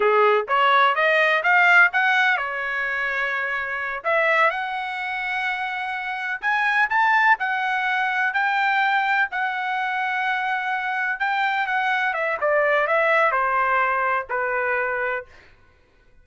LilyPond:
\new Staff \with { instrumentName = "trumpet" } { \time 4/4 \tempo 4 = 126 gis'4 cis''4 dis''4 f''4 | fis''4 cis''2.~ | cis''8 e''4 fis''2~ fis''8~ | fis''4. gis''4 a''4 fis''8~ |
fis''4. g''2 fis''8~ | fis''2.~ fis''8 g''8~ | g''8 fis''4 e''8 d''4 e''4 | c''2 b'2 | }